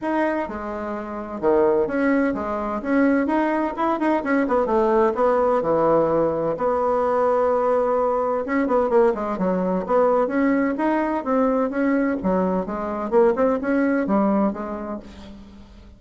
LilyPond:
\new Staff \with { instrumentName = "bassoon" } { \time 4/4 \tempo 4 = 128 dis'4 gis2 dis4 | cis'4 gis4 cis'4 dis'4 | e'8 dis'8 cis'8 b8 a4 b4 | e2 b2~ |
b2 cis'8 b8 ais8 gis8 | fis4 b4 cis'4 dis'4 | c'4 cis'4 fis4 gis4 | ais8 c'8 cis'4 g4 gis4 | }